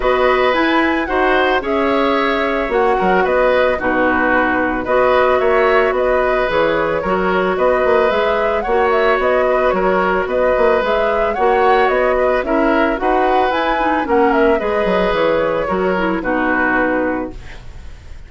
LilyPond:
<<
  \new Staff \with { instrumentName = "flute" } { \time 4/4 \tempo 4 = 111 dis''4 gis''4 fis''4 e''4~ | e''4 fis''4 dis''4 b'4~ | b'4 dis''4 e''4 dis''4 | cis''2 dis''4 e''4 |
fis''8 e''8 dis''4 cis''4 dis''4 | e''4 fis''4 dis''4 e''4 | fis''4 gis''4 fis''8 e''8 dis''4 | cis''2 b'2 | }
  \new Staff \with { instrumentName = "oboe" } { \time 4/4 b'2 c''4 cis''4~ | cis''4. ais'8 b'4 fis'4~ | fis'4 b'4 cis''4 b'4~ | b'4 ais'4 b'2 |
cis''4. b'8 ais'4 b'4~ | b'4 cis''4. b'8 ais'4 | b'2 ais'4 b'4~ | b'4 ais'4 fis'2 | }
  \new Staff \with { instrumentName = "clarinet" } { \time 4/4 fis'4 e'4 fis'4 gis'4~ | gis'4 fis'2 dis'4~ | dis'4 fis'2. | gis'4 fis'2 gis'4 |
fis'1 | gis'4 fis'2 e'4 | fis'4 e'8 dis'8 cis'4 gis'4~ | gis'4 fis'8 e'8 dis'2 | }
  \new Staff \with { instrumentName = "bassoon" } { \time 4/4 b4 e'4 dis'4 cis'4~ | cis'4 ais8 fis8 b4 b,4~ | b,4 b4 ais4 b4 | e4 fis4 b8 ais8 gis4 |
ais4 b4 fis4 b8 ais8 | gis4 ais4 b4 cis'4 | dis'4 e'4 ais4 gis8 fis8 | e4 fis4 b,2 | }
>>